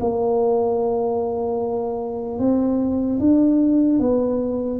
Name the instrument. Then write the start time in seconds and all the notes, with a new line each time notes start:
tuba
0.00 A#3
2.39 C4
3.19 D4
3.99 B3